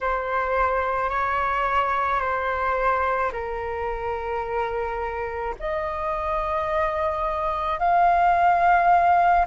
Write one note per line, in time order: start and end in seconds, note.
0.01 1.09 C5
1.09 2.20 C#5
2.20 3.31 C5
3.32 5.55 A#4
5.59 7.79 D#5
7.79 9.45 F5